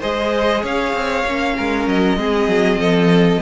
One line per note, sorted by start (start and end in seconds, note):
0.00 0.64 G#3
0.00 1.25 G#4
0.00 0.62 C5
0.00 0.64 D#5
0.62 0.93 C#4
0.62 1.55 C#5
0.62 1.89 F5
0.93 1.24 C4
1.25 1.56 A#3
1.25 2.17 C#4
1.57 1.87 G#3
1.57 2.19 A#4
1.87 2.17 F#3
1.87 3.42 D#5
2.17 2.48 G#3
2.17 3.41 C4
2.17 2.80 G#4
2.48 2.77 F#3
2.77 3.39 F3
2.77 3.42 A4